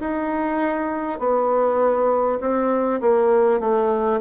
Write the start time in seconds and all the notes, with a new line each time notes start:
0.00 D#4
1.19 B3
2.40 C4
3.01 A#3
3.59 A3